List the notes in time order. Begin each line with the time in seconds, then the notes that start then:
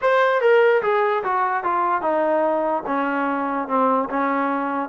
0.01 C5
0.41 A#4
0.82 G#4
1.23 F#4
1.63 F4
2.01 D#4
2.86 C#4
3.68 C4
4.09 C#4